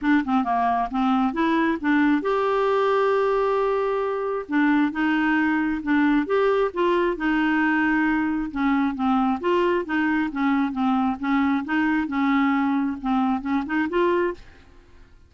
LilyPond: \new Staff \with { instrumentName = "clarinet" } { \time 4/4 \tempo 4 = 134 d'8 c'8 ais4 c'4 e'4 | d'4 g'2.~ | g'2 d'4 dis'4~ | dis'4 d'4 g'4 f'4 |
dis'2. cis'4 | c'4 f'4 dis'4 cis'4 | c'4 cis'4 dis'4 cis'4~ | cis'4 c'4 cis'8 dis'8 f'4 | }